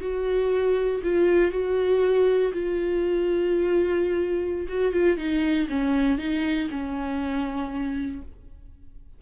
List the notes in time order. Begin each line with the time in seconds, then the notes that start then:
0.00 F#4
1.03 F4
1.51 F#4
2.53 F4
4.68 F#4
4.92 F4
5.17 D#4
5.69 C#4
6.18 D#4
6.70 C#4